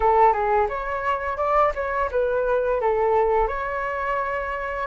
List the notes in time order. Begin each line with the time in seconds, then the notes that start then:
0.00 A4
0.32 G#4
0.68 C#5
1.37 D5
1.74 C#5
2.11 B4
2.81 A4
3.47 C#5